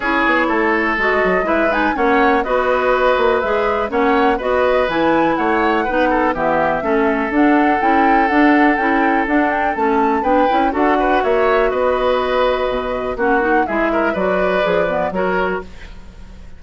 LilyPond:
<<
  \new Staff \with { instrumentName = "flute" } { \time 4/4 \tempo 4 = 123 cis''2 dis''4 e''8 gis''8 | fis''4 dis''2 e''4 | fis''4 dis''4 gis''4 fis''4~ | fis''4 e''2 fis''4 |
g''4 fis''4 g''4 fis''8 g''8 | a''4 g''4 fis''4 e''4 | dis''2. fis''4 | e''4 d''2 cis''4 | }
  \new Staff \with { instrumentName = "oboe" } { \time 4/4 gis'4 a'2 b'4 | cis''4 b'2. | cis''4 b'2 cis''4 | b'8 a'8 g'4 a'2~ |
a'1~ | a'4 b'4 a'8 b'8 cis''4 | b'2. fis'4 | gis'8 ais'8 b'2 ais'4 | }
  \new Staff \with { instrumentName = "clarinet" } { \time 4/4 e'2 fis'4 e'8 dis'8 | cis'4 fis'2 gis'4 | cis'4 fis'4 e'2 | dis'4 b4 cis'4 d'4 |
e'4 d'4 e'4 d'4 | cis'4 d'8 e'8 fis'2~ | fis'2. cis'8 dis'8 | e'4 fis'4 gis'8 b8 fis'4 | }
  \new Staff \with { instrumentName = "bassoon" } { \time 4/4 cis'8 b8 a4 gis8 fis8 gis4 | ais4 b4. ais8 gis4 | ais4 b4 e4 a4 | b4 e4 a4 d'4 |
cis'4 d'4 cis'4 d'4 | a4 b8 cis'8 d'4 ais4 | b2 b,4 ais4 | gis4 fis4 f4 fis4 | }
>>